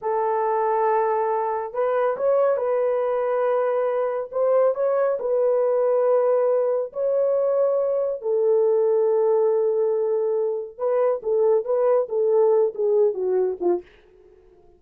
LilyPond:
\new Staff \with { instrumentName = "horn" } { \time 4/4 \tempo 4 = 139 a'1 | b'4 cis''4 b'2~ | b'2 c''4 cis''4 | b'1 |
cis''2. a'4~ | a'1~ | a'4 b'4 a'4 b'4 | a'4. gis'4 fis'4 f'8 | }